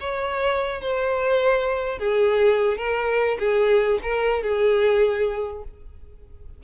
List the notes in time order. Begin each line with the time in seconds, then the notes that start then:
0.00 C#5
0.81 C5
1.98 G#4
2.77 A#4
3.39 G#4
4.02 A#4
4.42 G#4